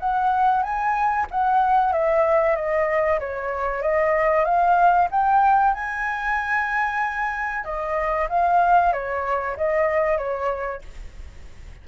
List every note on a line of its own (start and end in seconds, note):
0.00 0.63 F#5
0.63 1.27 G#5
1.31 1.93 F#5
1.93 2.56 E5
2.56 3.20 D#5
3.20 3.83 C#5
3.83 4.45 D#5
4.45 5.09 F5
5.11 5.74 G5
5.74 7.65 G#5
7.65 8.29 D#5
8.29 8.93 F5
8.93 9.57 C#5
9.57 10.18 D#5
10.18 10.82 C#5